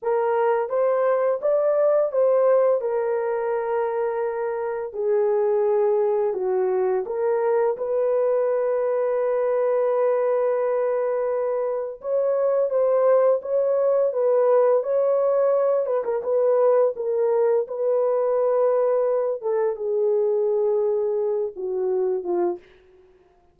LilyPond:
\new Staff \with { instrumentName = "horn" } { \time 4/4 \tempo 4 = 85 ais'4 c''4 d''4 c''4 | ais'2. gis'4~ | gis'4 fis'4 ais'4 b'4~ | b'1~ |
b'4 cis''4 c''4 cis''4 | b'4 cis''4. b'16 ais'16 b'4 | ais'4 b'2~ b'8 a'8 | gis'2~ gis'8 fis'4 f'8 | }